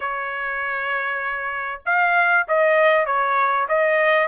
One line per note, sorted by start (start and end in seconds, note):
0.00 1.81 C#5
1.85 2.46 F5
2.47 3.06 D#5
3.06 3.67 C#5
3.68 4.27 D#5